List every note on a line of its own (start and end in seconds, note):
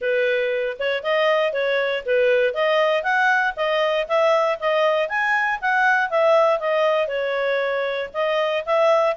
0.01 0.77 B4
0.79 1.03 C#5
1.03 1.53 D#5
1.53 2.03 C#5
2.05 2.54 B4
2.54 3.03 D#5
3.03 3.54 F#5
3.56 4.07 D#5
4.08 4.59 E5
4.59 5.08 D#5
5.08 5.59 G#5
5.61 6.10 F#5
6.10 6.59 E5
6.59 7.07 D#5
7.07 8.09 C#5
8.13 8.64 D#5
8.65 9.16 E5